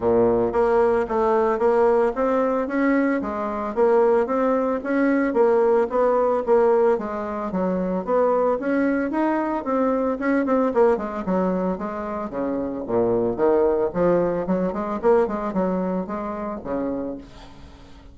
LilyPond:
\new Staff \with { instrumentName = "bassoon" } { \time 4/4 \tempo 4 = 112 ais,4 ais4 a4 ais4 | c'4 cis'4 gis4 ais4 | c'4 cis'4 ais4 b4 | ais4 gis4 fis4 b4 |
cis'4 dis'4 c'4 cis'8 c'8 | ais8 gis8 fis4 gis4 cis4 | ais,4 dis4 f4 fis8 gis8 | ais8 gis8 fis4 gis4 cis4 | }